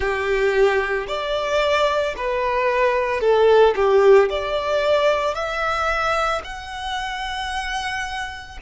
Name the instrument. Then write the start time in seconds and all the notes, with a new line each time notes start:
violin
0.00 G4
1.07 D5
2.17 B4
3.20 A4
3.75 G4
4.29 D5
5.34 E5
6.44 F#5